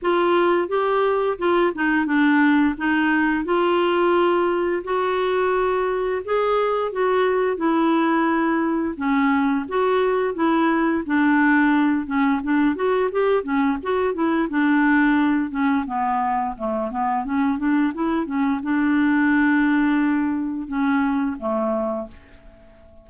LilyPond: \new Staff \with { instrumentName = "clarinet" } { \time 4/4 \tempo 4 = 87 f'4 g'4 f'8 dis'8 d'4 | dis'4 f'2 fis'4~ | fis'4 gis'4 fis'4 e'4~ | e'4 cis'4 fis'4 e'4 |
d'4. cis'8 d'8 fis'8 g'8 cis'8 | fis'8 e'8 d'4. cis'8 b4 | a8 b8 cis'8 d'8 e'8 cis'8 d'4~ | d'2 cis'4 a4 | }